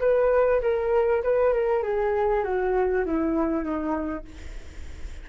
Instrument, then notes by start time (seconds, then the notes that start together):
flute
0.00 B4
0.62 A#4
1.24 B4
1.54 A#4
1.83 G#4
2.44 F#4
3.06 E4
3.63 D#4